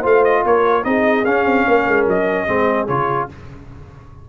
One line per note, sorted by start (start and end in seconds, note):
0.00 0.45 A3
0.00 0.84 F4
0.00 0.41 C5
0.00 0.24 F5
0.24 0.44 D#5
0.44 0.85 A#3
0.44 0.84 A#4
0.44 0.84 C#5
0.84 1.26 C4
0.84 1.25 D#4
0.84 1.67 G#4
0.84 1.25 D#5
1.25 1.46 C#4
1.25 2.47 C#4
1.25 2.06 F5
1.46 1.66 C4
1.67 1.88 A#3
1.67 2.47 A#4
1.88 2.07 G#3
2.07 2.48 F#3
2.07 2.88 D#5
2.47 2.88 G#3
2.47 2.88 C4
2.47 3.29 G#4
2.88 3.29 C#3
2.88 3.29 F4
2.88 3.28 C#5